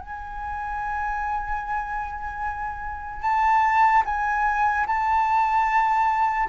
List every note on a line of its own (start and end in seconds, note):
0.00 3.22 G#5
3.22 4.03 A5
4.05 4.86 G#5
4.86 6.49 A5